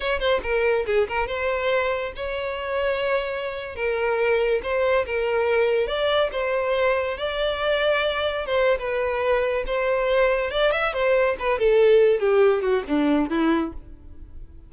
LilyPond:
\new Staff \with { instrumentName = "violin" } { \time 4/4 \tempo 4 = 140 cis''8 c''8 ais'4 gis'8 ais'8 c''4~ | c''4 cis''2.~ | cis''8. ais'2 c''4 ais'16~ | ais'4.~ ais'16 d''4 c''4~ c''16~ |
c''8. d''2. c''16~ | c''8 b'2 c''4.~ | c''8 d''8 e''8 c''4 b'8 a'4~ | a'8 g'4 fis'8 d'4 e'4 | }